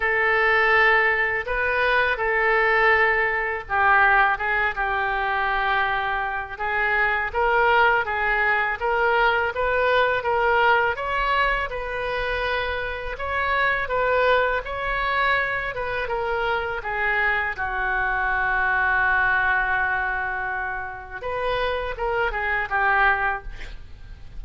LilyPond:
\new Staff \with { instrumentName = "oboe" } { \time 4/4 \tempo 4 = 82 a'2 b'4 a'4~ | a'4 g'4 gis'8 g'4.~ | g'4 gis'4 ais'4 gis'4 | ais'4 b'4 ais'4 cis''4 |
b'2 cis''4 b'4 | cis''4. b'8 ais'4 gis'4 | fis'1~ | fis'4 b'4 ais'8 gis'8 g'4 | }